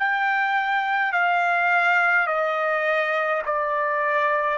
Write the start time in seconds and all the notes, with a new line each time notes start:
0.00 G5
1.13 F5
2.27 D#5
3.46 D5